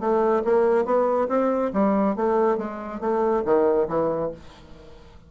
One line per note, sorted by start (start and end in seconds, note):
0.00 0.43 A3
0.44 0.85 A#3
0.85 1.28 B3
1.29 1.72 C4
1.73 2.16 G3
2.16 2.58 A3
2.58 3.00 G#3
3.00 3.43 A3
3.45 3.88 D#3
3.89 4.31 E3